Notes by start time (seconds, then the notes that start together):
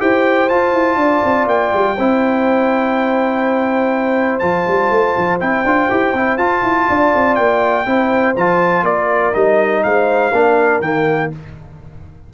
0.00 E4 G4 C5 G5
0.49 F4 A5
0.73 E4
0.96 D4 D5
1.25 C4
1.47 A#3 G5
1.74 G3
1.96 C4 E4 C5
4.39 F3 F4 A5
4.68 G3
4.91 A3
5.17 F3
5.40 C4 E4 G5
5.65 D4 F4
5.90 E4 G4
6.14 C4 E4
6.38 F4 A5
6.63 E4
6.89 D4 D5
7.15 C4
7.35 A#3 G5
7.87 C4 E4 C5
8.37 F3 F4 A5
8.83 A#3 A#4 D5
9.34 G3 D#4 D#5
9.84 G#3 C5 F5
10.32 A#3 D4 A#4
10.81 D#3 A#3 G5